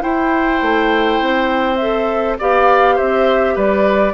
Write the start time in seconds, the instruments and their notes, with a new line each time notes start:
0.00 clarinet E4, bassoon E4, oboe C5, flute G5
0.62 bassoon A3
1.21 bassoon C4
1.76 clarinet A4, flute E5
2.39 bassoon B3, clarinet G4, oboe D5, flute F5
2.96 bassoon C4, oboe C5, flute E5
3.55 bassoon G3, oboe B4, flute D5